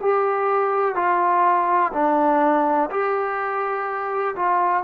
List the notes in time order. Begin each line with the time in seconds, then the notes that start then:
0.00 G4
0.95 F4
1.92 D4
2.90 G4
4.35 F4